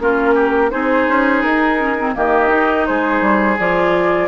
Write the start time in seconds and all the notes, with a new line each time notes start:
0.00 A#3 C#4 F4 A#4
0.35 G4
0.71 C4 D#4 G#4 C5
1.08 C#4
1.42 D#4 A#4
1.78 C#4
1.99 C4
2.15 D#3 A#3 G4 D#5
2.49 D#4
2.86 G#3 G#4 C5
3.21 G3
3.59 F3 F4 D5